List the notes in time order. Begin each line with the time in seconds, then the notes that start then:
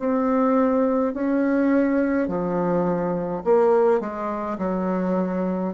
0.00 C4
1.14 C#4
2.28 F3
3.45 A#3
4.01 G#3
4.59 F#3